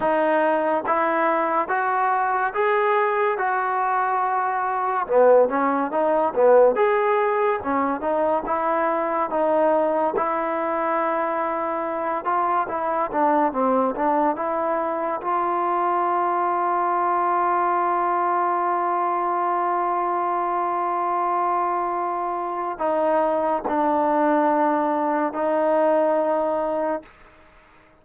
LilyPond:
\new Staff \with { instrumentName = "trombone" } { \time 4/4 \tempo 4 = 71 dis'4 e'4 fis'4 gis'4 | fis'2 b8 cis'8 dis'8 b8 | gis'4 cis'8 dis'8 e'4 dis'4 | e'2~ e'8 f'8 e'8 d'8 |
c'8 d'8 e'4 f'2~ | f'1~ | f'2. dis'4 | d'2 dis'2 | }